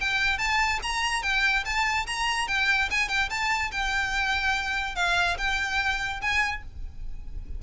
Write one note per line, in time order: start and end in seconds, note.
0.00 0.38 G5
0.38 0.79 A5
0.83 1.22 A#5
1.22 1.64 G5
1.65 2.06 A5
2.07 2.48 A#5
2.48 2.89 G5
2.90 3.08 G#5
3.08 3.29 G5
3.30 3.71 A5
3.71 4.95 G5
4.95 5.37 F5
5.38 6.21 G5
6.21 6.62 G#5